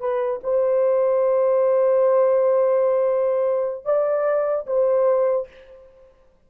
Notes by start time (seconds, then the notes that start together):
0.00 B4
0.44 C5
3.85 D5
4.67 C5